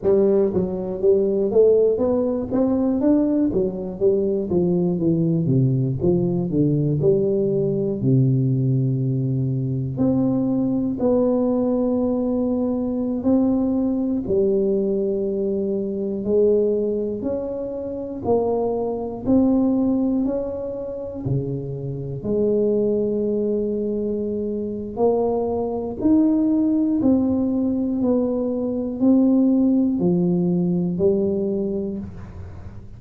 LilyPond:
\new Staff \with { instrumentName = "tuba" } { \time 4/4 \tempo 4 = 60 g8 fis8 g8 a8 b8 c'8 d'8 fis8 | g8 f8 e8 c8 f8 d8 g4 | c2 c'4 b4~ | b4~ b16 c'4 g4.~ g16~ |
g16 gis4 cis'4 ais4 c'8.~ | c'16 cis'4 cis4 gis4.~ gis16~ | gis4 ais4 dis'4 c'4 | b4 c'4 f4 g4 | }